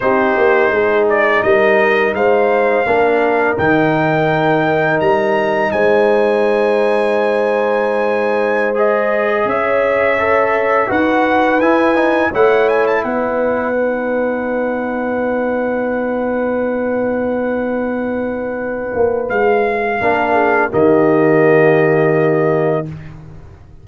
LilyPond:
<<
  \new Staff \with { instrumentName = "trumpet" } { \time 4/4 \tempo 4 = 84 c''4. d''8 dis''4 f''4~ | f''4 g''2 ais''4 | gis''1~ | gis''16 dis''4 e''2 fis''8.~ |
fis''16 gis''4 fis''8 gis''16 a''16 fis''4.~ fis''16~ | fis''1~ | fis''2. f''4~ | f''4 dis''2. | }
  \new Staff \with { instrumentName = "horn" } { \time 4/4 g'4 gis'4 ais'4 c''4 | ais'1 | c''1~ | c''4~ c''16 cis''2 b'8.~ |
b'4~ b'16 cis''4 b'4.~ b'16~ | b'1~ | b'1 | ais'8 gis'8 g'2. | }
  \new Staff \with { instrumentName = "trombone" } { \time 4/4 dis'1 | d'4 dis'2.~ | dis'1~ | dis'16 gis'2 a'4 fis'8.~ |
fis'16 e'8 dis'8 e'2 dis'8.~ | dis'1~ | dis'1 | d'4 ais2. | }
  \new Staff \with { instrumentName = "tuba" } { \time 4/4 c'8 ais8 gis4 g4 gis4 | ais4 dis2 g4 | gis1~ | gis4~ gis16 cis'2 dis'8.~ |
dis'16 e'4 a4 b4.~ b16~ | b1~ | b2~ b8 ais8 gis4 | ais4 dis2. | }
>>